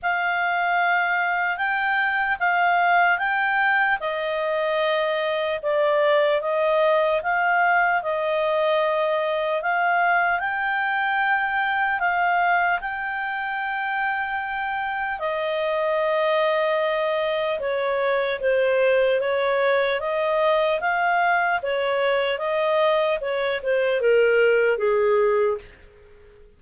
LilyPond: \new Staff \with { instrumentName = "clarinet" } { \time 4/4 \tempo 4 = 75 f''2 g''4 f''4 | g''4 dis''2 d''4 | dis''4 f''4 dis''2 | f''4 g''2 f''4 |
g''2. dis''4~ | dis''2 cis''4 c''4 | cis''4 dis''4 f''4 cis''4 | dis''4 cis''8 c''8 ais'4 gis'4 | }